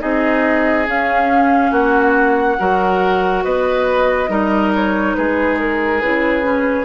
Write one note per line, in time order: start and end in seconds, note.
0.00 0.88 C4
0.00 0.86 D#4
0.00 1.72 G#4
0.00 0.87 D#5
0.87 2.59 C#4
0.87 1.71 C#4
0.87 1.73 F5
1.71 2.57 A#3
1.71 2.58 F#4
1.71 3.44 F#5
2.59 3.45 F#3
2.59 4.29 F#4
2.59 3.45 A#4
3.44 4.29 B3
3.44 4.31 B4
3.44 4.73 D#5
4.29 5.15 G3
4.29 6.00 D#4
4.29 5.17 A#4
4.76 5.15 C#5
5.15 6.03 G#3
5.15 6.86 G#4
5.15 5.58 B4
5.59 6.01 A#4
6.01 6.86 C#3
6.01 6.43 E4
6.01 6.86 B4
6.43 6.86 C#4